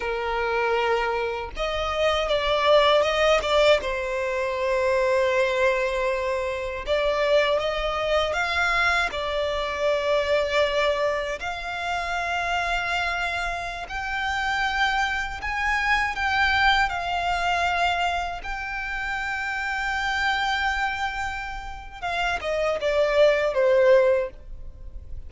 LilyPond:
\new Staff \with { instrumentName = "violin" } { \time 4/4 \tempo 4 = 79 ais'2 dis''4 d''4 | dis''8 d''8 c''2.~ | c''4 d''4 dis''4 f''4 | d''2. f''4~ |
f''2~ f''16 g''4.~ g''16~ | g''16 gis''4 g''4 f''4.~ f''16~ | f''16 g''2.~ g''8.~ | g''4 f''8 dis''8 d''4 c''4 | }